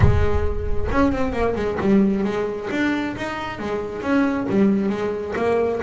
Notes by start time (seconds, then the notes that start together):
0.00 G#3
0.91 C#4
1.12 C4
1.32 A#3
1.55 G#3
1.80 G3
2.23 G#3
2.70 D4
3.16 D#4
3.59 G#3
4.02 C#4
4.49 G3
4.89 G#3
5.35 A#3